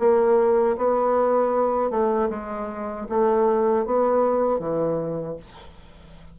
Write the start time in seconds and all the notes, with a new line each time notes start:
0.00 A#3
0.78 B3
1.91 A3
2.30 G#3
3.10 A3
3.86 B3
4.60 E3